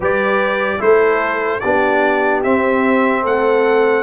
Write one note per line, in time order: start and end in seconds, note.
0.00 0.79 G3
0.00 0.79 G4
0.00 0.80 B4
0.00 0.81 D5
0.79 1.61 A3
0.79 1.60 E4
0.79 1.62 A4
0.79 1.60 C5
1.60 2.45 B3
1.60 2.44 D4
1.60 3.22 G4
1.60 2.41 D5
2.43 4.02 C4
2.43 3.24 C4
2.43 3.24 E5
3.22 4.02 A3
3.22 4.02 A4
3.22 4.02 F#5